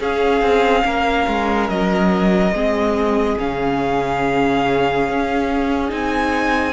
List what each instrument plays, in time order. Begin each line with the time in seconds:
0.00 cello C#4, viola C#4, violin G#4 F5
0.42 cello C4
0.85 cello A#3, violin A#4
1.27 cello G#3
1.69 cello F#3, violin D#5
2.53 cello G#3, viola C4, violin G#4
3.39 cello C#3, viola C#4, violin F5
5.09 cello C#4
5.89 cello C4, viola D#4, violin G#5